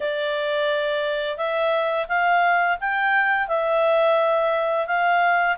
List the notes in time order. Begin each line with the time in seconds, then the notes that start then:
0.00 D5
1.37 E5
2.08 F5
2.80 G5
3.48 E5
4.86 F5